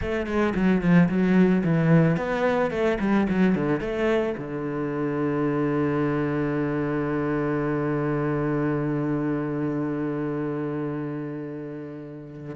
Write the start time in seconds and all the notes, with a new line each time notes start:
0.01 A3
0.26 G#3
0.55 F#3
0.81 F3
1.08 F#3
1.64 E3
2.16 B3
2.70 A3
3.00 G3
3.29 F#3
3.55 D3
3.80 A3
4.37 D3